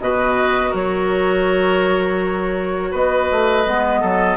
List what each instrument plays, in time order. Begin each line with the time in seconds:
0.00 bassoon B2, clarinet F#4, oboe B4, flute D#5
0.70 bassoon F#3, oboe A#4, flute C#5
2.91 bassoon B3, oboe B4, flute D#5
3.31 bassoon A3
3.66 bassoon G#3, clarinet B3
4.01 bassoon F#3, oboe A4